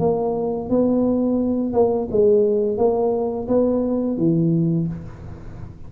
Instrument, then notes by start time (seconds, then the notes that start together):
tuba
0.00 A#3
0.70 B3
1.73 A#3
2.12 G#3
2.78 A#3
3.49 B3
4.18 E3